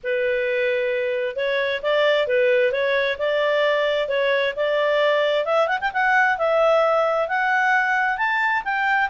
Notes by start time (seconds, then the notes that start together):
0.03 B4
1.36 C#5
1.82 D5
2.27 B4
2.71 C#5
3.18 D5
4.08 C#5
4.56 D5
5.45 E5
5.67 F#5
5.80 G5
5.93 F#5
6.38 E5
7.28 F#5
8.17 A5
8.64 G5